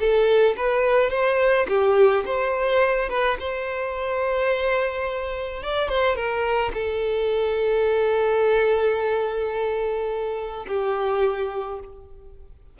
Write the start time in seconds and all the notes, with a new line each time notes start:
0.00 A4
0.57 B4
1.11 C5
1.68 G4
2.26 C5
3.10 B4
3.40 C5
5.63 D5
5.89 C5
6.16 A#4
6.74 A4
10.68 G4